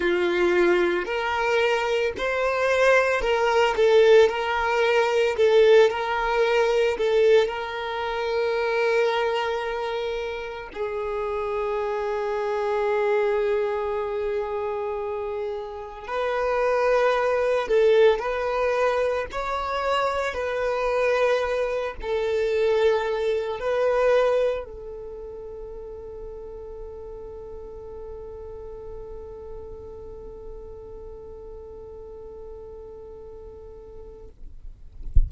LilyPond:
\new Staff \with { instrumentName = "violin" } { \time 4/4 \tempo 4 = 56 f'4 ais'4 c''4 ais'8 a'8 | ais'4 a'8 ais'4 a'8 ais'4~ | ais'2 gis'2~ | gis'2. b'4~ |
b'8 a'8 b'4 cis''4 b'4~ | b'8 a'4. b'4 a'4~ | a'1~ | a'1 | }